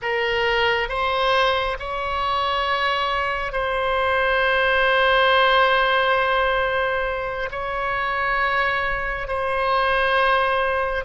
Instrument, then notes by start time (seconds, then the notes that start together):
oboe
0.02 A#4
0.88 C5
1.79 C#5
3.52 C5
7.51 C#5
9.27 C5